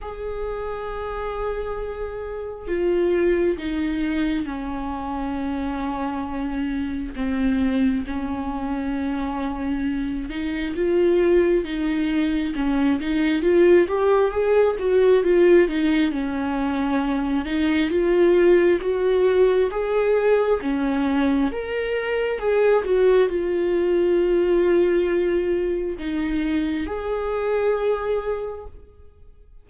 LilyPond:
\new Staff \with { instrumentName = "viola" } { \time 4/4 \tempo 4 = 67 gis'2. f'4 | dis'4 cis'2. | c'4 cis'2~ cis'8 dis'8 | f'4 dis'4 cis'8 dis'8 f'8 g'8 |
gis'8 fis'8 f'8 dis'8 cis'4. dis'8 | f'4 fis'4 gis'4 cis'4 | ais'4 gis'8 fis'8 f'2~ | f'4 dis'4 gis'2 | }